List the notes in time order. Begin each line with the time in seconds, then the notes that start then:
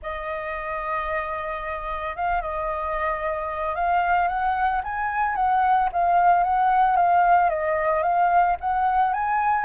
0.02 D#5
2.16 F5
2.41 D#5
3.75 F5
4.28 F#5
4.83 G#5
5.35 F#5
5.92 F5
6.43 F#5
6.96 F5
7.49 D#5
8.02 F5
8.60 F#5
9.13 G#5